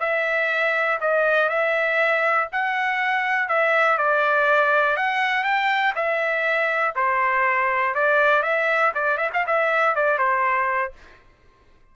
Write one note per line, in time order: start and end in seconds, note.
0.00 0.99 E5
1.01 1.49 D#5
1.49 2.48 E5
2.52 3.48 F#5
3.48 3.98 E5
3.98 4.97 D5
4.97 5.44 F#5
5.44 5.93 G5
5.96 6.95 E5
6.96 7.95 C5
7.95 8.43 D5
8.43 8.92 E5
8.95 9.18 D5
9.18 9.30 E5
9.34 9.46 F5
9.46 9.96 E5
9.96 10.18 D5
10.18 10.93 C5